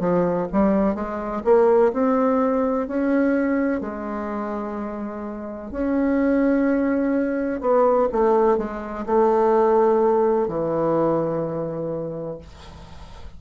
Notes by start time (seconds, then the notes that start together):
0.00 F3
0.52 G3
0.95 G#3
1.45 A#3
1.93 C4
2.88 C#4
3.81 G#3
5.71 C#4
7.61 B3
8.12 A3
8.58 G#3
9.06 A3
10.48 E3